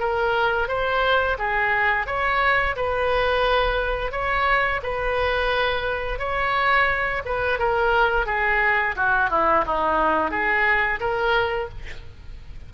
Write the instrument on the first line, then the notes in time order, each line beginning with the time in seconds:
oboe
0.00 A#4
0.68 C5
1.39 G#4
2.07 C#5
2.76 B4
4.12 C#5
4.83 B4
6.19 C#5
7.25 B4
7.59 A#4
8.26 G#4
8.96 F#4
9.30 E4
9.67 D#4
10.31 G#4
11.00 A#4